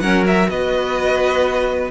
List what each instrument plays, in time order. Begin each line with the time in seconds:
0.00 cello F#3, viola C#4, violin A#4 F#5
0.27 viola F#4, violin E5
0.49 cello B3, violin B4 D#5